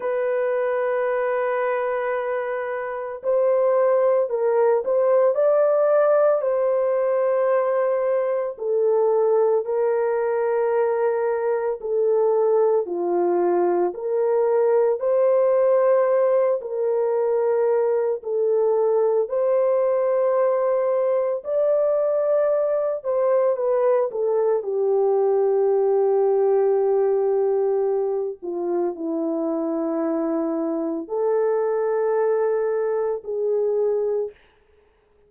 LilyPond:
\new Staff \with { instrumentName = "horn" } { \time 4/4 \tempo 4 = 56 b'2. c''4 | ais'8 c''8 d''4 c''2 | a'4 ais'2 a'4 | f'4 ais'4 c''4. ais'8~ |
ais'4 a'4 c''2 | d''4. c''8 b'8 a'8 g'4~ | g'2~ g'8 f'8 e'4~ | e'4 a'2 gis'4 | }